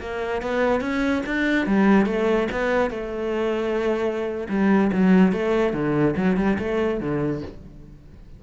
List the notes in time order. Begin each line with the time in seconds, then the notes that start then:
0.00 A#3
0.42 B3
0.80 C#4
1.26 D4
1.66 G3
2.06 A3
2.51 B3
2.90 A3
4.49 G3
4.92 F#3
5.32 A3
5.73 D3
6.16 F#3
6.36 G3
6.58 A3
7.00 D3